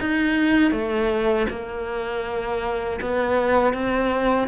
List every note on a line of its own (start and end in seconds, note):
0.00 0.71 D#4
0.71 1.46 A3
1.50 3.00 A#3
3.01 3.73 B3
3.73 4.48 C4